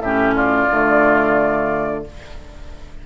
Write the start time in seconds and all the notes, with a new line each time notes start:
0.00 A2 C#4 G4 E5
0.35 F4 D5
0.70 D3 A3